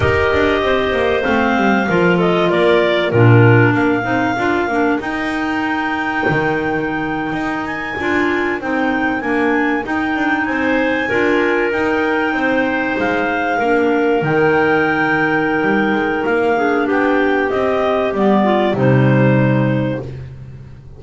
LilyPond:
<<
  \new Staff \with { instrumentName = "clarinet" } { \time 4/4 \tempo 4 = 96 dis''2 f''4. dis''8 | d''4 ais'4 f''2 | g''1~ | g''16 gis''4. g''4 gis''4 g''16~ |
g''8. gis''2 g''4~ g''16~ | g''8. f''2 g''4~ g''16~ | g''2 f''4 g''4 | dis''4 d''4 c''2 | }
  \new Staff \with { instrumentName = "clarinet" } { \time 4/4 ais'4 c''2 ais'8 a'8 | ais'4 f'4 ais'2~ | ais'1~ | ais'1~ |
ais'8. c''4 ais'2 c''16~ | c''4.~ c''16 ais'2~ ais'16~ | ais'2~ ais'8 gis'8 g'4~ | g'4. f'8 dis'2 | }
  \new Staff \with { instrumentName = "clarinet" } { \time 4/4 g'2 c'4 f'4~ | f'4 d'4. dis'8 f'8 d'8 | dis'1~ | dis'8. f'4 dis'4 d'4 dis'16~ |
dis'4.~ dis'16 f'4 dis'4~ dis'16~ | dis'4.~ dis'16 d'4 dis'4~ dis'16~ | dis'2~ dis'8 d'4. | c'4 b4 g2 | }
  \new Staff \with { instrumentName = "double bass" } { \time 4/4 dis'8 d'8 c'8 ais8 a8 g8 f4 | ais4 ais,4 ais8 c'8 d'8 ais8 | dis'2 dis4.~ dis16 dis'16~ | dis'8. d'4 c'4 ais4 dis'16~ |
dis'16 d'8 c'4 d'4 dis'4 c'16~ | c'8. gis4 ais4 dis4~ dis16~ | dis4 g8 gis8 ais4 b4 | c'4 g4 c2 | }
>>